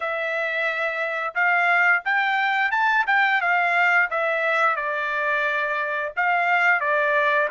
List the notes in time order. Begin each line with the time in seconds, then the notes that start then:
0.00 E5
1.34 F5
2.05 G5
2.71 A5
3.07 G5
3.41 F5
4.10 E5
4.75 D5
6.16 F5
6.80 D5